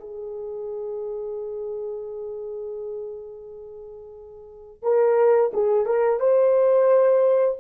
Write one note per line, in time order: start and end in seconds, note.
0.00 4.82 G#4
4.82 5.51 A#4
5.53 5.86 G#4
5.86 6.20 A#4
6.20 7.58 C5